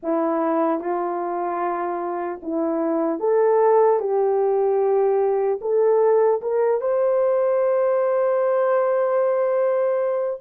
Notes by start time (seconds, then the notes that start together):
0.03 E4
0.80 F4
2.42 E4
3.19 A4
3.99 G4
5.61 A4
6.41 A#4
6.80 C5